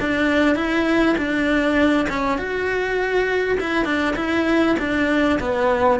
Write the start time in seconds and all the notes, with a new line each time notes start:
0.00 D4
0.56 E4
1.17 D4
2.09 C#4
2.38 F#4
3.60 E4
3.85 D4
4.16 E4
4.79 D4
5.40 B3